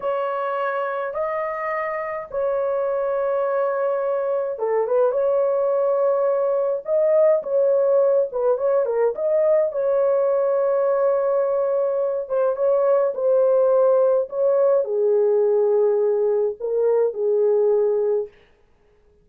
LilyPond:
\new Staff \with { instrumentName = "horn" } { \time 4/4 \tempo 4 = 105 cis''2 dis''2 | cis''1 | a'8 b'8 cis''2. | dis''4 cis''4. b'8 cis''8 ais'8 |
dis''4 cis''2.~ | cis''4. c''8 cis''4 c''4~ | c''4 cis''4 gis'2~ | gis'4 ais'4 gis'2 | }